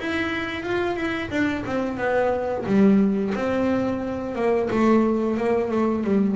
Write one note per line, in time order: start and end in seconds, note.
0.00 0.63 E4
0.63 0.97 F4
0.97 1.30 E4
1.31 1.64 D4
1.66 1.98 C4
1.98 2.65 B3
2.66 3.34 G3
3.35 4.35 C4
4.35 4.69 A#3
4.71 5.37 A3
5.37 5.71 A#3
5.71 6.04 A3
6.04 6.36 G3